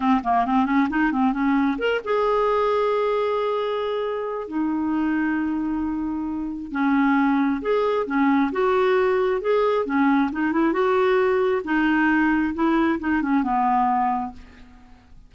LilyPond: \new Staff \with { instrumentName = "clarinet" } { \time 4/4 \tempo 4 = 134 c'8 ais8 c'8 cis'8 dis'8 c'8 cis'4 | ais'8 gis'2.~ gis'8~ | gis'2 dis'2~ | dis'2. cis'4~ |
cis'4 gis'4 cis'4 fis'4~ | fis'4 gis'4 cis'4 dis'8 e'8 | fis'2 dis'2 | e'4 dis'8 cis'8 b2 | }